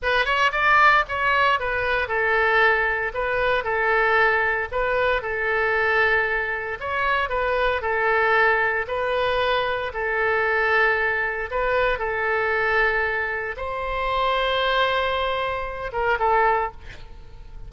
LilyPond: \new Staff \with { instrumentName = "oboe" } { \time 4/4 \tempo 4 = 115 b'8 cis''8 d''4 cis''4 b'4 | a'2 b'4 a'4~ | a'4 b'4 a'2~ | a'4 cis''4 b'4 a'4~ |
a'4 b'2 a'4~ | a'2 b'4 a'4~ | a'2 c''2~ | c''2~ c''8 ais'8 a'4 | }